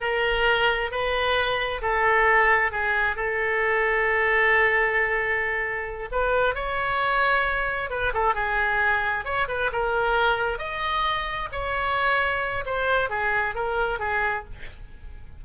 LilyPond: \new Staff \with { instrumentName = "oboe" } { \time 4/4 \tempo 4 = 133 ais'2 b'2 | a'2 gis'4 a'4~ | a'1~ | a'4. b'4 cis''4.~ |
cis''4. b'8 a'8 gis'4.~ | gis'8 cis''8 b'8 ais'2 dis''8~ | dis''4. cis''2~ cis''8 | c''4 gis'4 ais'4 gis'4 | }